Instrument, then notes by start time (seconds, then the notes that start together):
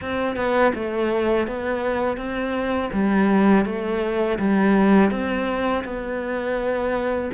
cello
0.01 C4
0.36 B3
0.75 A3
1.47 B3
2.17 C4
2.93 G3
3.65 A3
4.38 G3
5.11 C4
5.84 B3